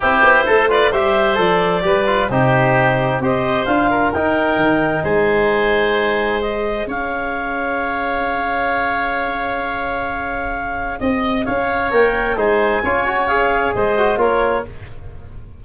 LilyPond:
<<
  \new Staff \with { instrumentName = "clarinet" } { \time 4/4 \tempo 4 = 131 c''4. d''8 e''4 d''4~ | d''4 c''2 dis''4 | f''4 g''2 gis''4~ | gis''2 dis''4 f''4~ |
f''1~ | f''1 | dis''4 f''4 g''4 gis''4~ | gis''4 f''4 dis''4 cis''4 | }
  \new Staff \with { instrumentName = "oboe" } { \time 4/4 g'4 a'8 b'8 c''2 | b'4 g'2 c''4~ | c''8 ais'2~ ais'8 c''4~ | c''2. cis''4~ |
cis''1~ | cis''1 | dis''4 cis''2 c''4 | cis''2 c''4 ais'4 | }
  \new Staff \with { instrumentName = "trombone" } { \time 4/4 e'4. f'8 g'4 a'4 | g'8 f'8 dis'2 g'4 | f'4 dis'2.~ | dis'2 gis'2~ |
gis'1~ | gis'1~ | gis'2 ais'4 dis'4 | f'8 fis'8 gis'4. fis'8 f'4 | }
  \new Staff \with { instrumentName = "tuba" } { \time 4/4 c'8 b8 a4 g4 f4 | g4 c2 c'4 | d'4 dis'4 dis4 gis4~ | gis2. cis'4~ |
cis'1~ | cis'1 | c'4 cis'4 ais4 gis4 | cis'2 gis4 ais4 | }
>>